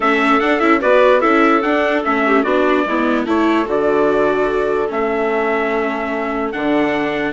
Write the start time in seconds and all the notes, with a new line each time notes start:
0.00 A3 C#4 A4 E5
0.39 D4 F#5
0.59 C#4 E4 E5
0.81 B3 F#4 B4 D5
1.20 C#4 E4 A4 E5
1.62 D4 F#5
2.03 A3 C#4 E5
2.26 G4
2.42 B3 D4 F#4 D5
2.85 G#3 B3 E4
3.25 A3 E4 A4 C#5
3.64 D3 F#4
3.70 D5
4.88 A3 C#4 E5
6.51 D3 D4 F#5